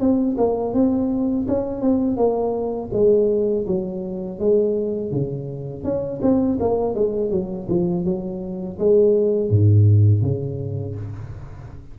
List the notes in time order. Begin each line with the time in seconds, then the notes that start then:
0.00 C4
0.38 A#3
0.74 C4
1.48 C#4
1.81 C4
2.17 A#3
2.93 G#3
3.68 F#3
4.39 G#3
5.11 C#3
5.84 C#4
6.22 C4
6.60 A#3
6.95 G#3
7.31 F#3
7.69 F3
8.05 F#3
8.79 G#3
9.50 G#2
10.22 C#3